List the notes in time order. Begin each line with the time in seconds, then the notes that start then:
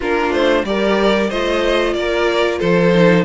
0.00 A#3 D4 F4 A#4
0.31 A3 C5
0.64 G3 G4 A#4 D5
1.29 A3 F4 C5 D#5
1.93 A#3 A#4 D5
2.59 F3 A4 C5
2.94 D#4